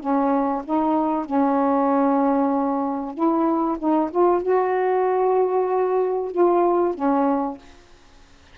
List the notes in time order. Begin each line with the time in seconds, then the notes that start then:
0.00 C#4
0.65 D#4
1.26 C#4
3.15 E4
3.79 D#4
4.11 F4
4.43 F#4
6.32 F4
6.95 C#4